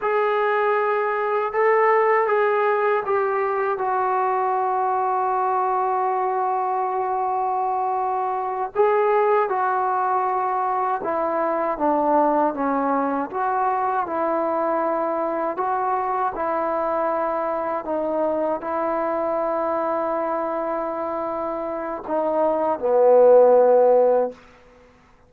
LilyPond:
\new Staff \with { instrumentName = "trombone" } { \time 4/4 \tempo 4 = 79 gis'2 a'4 gis'4 | g'4 fis'2.~ | fis'2.~ fis'8 gis'8~ | gis'8 fis'2 e'4 d'8~ |
d'8 cis'4 fis'4 e'4.~ | e'8 fis'4 e'2 dis'8~ | dis'8 e'2.~ e'8~ | e'4 dis'4 b2 | }